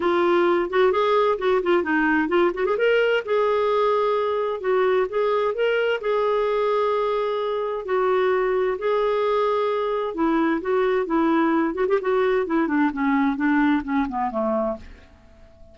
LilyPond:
\new Staff \with { instrumentName = "clarinet" } { \time 4/4 \tempo 4 = 130 f'4. fis'8 gis'4 fis'8 f'8 | dis'4 f'8 fis'16 gis'16 ais'4 gis'4~ | gis'2 fis'4 gis'4 | ais'4 gis'2.~ |
gis'4 fis'2 gis'4~ | gis'2 e'4 fis'4 | e'4. fis'16 g'16 fis'4 e'8 d'8 | cis'4 d'4 cis'8 b8 a4 | }